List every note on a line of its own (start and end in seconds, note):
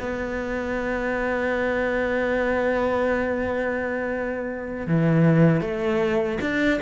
0.00 4.87 B3
4.87 5.61 E3
5.61 6.39 A3
6.41 6.80 D4